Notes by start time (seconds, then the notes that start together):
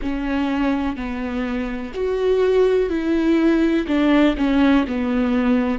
0.01 C#4
0.96 B3
1.94 F#4
2.89 E4
3.87 D4
4.37 C#4
4.87 B3